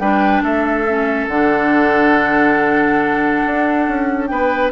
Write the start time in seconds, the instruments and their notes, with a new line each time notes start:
0.00 bassoon G3, clarinet D4, oboe B4, flute G5
0.42 bassoon A3, oboe A4, flute E5
0.88 clarinet C#4
1.27 bassoon D3, clarinet D4, flute F#5
3.46 bassoon D4
3.88 bassoon C#4
4.27 bassoon B3, oboe B4, flute G5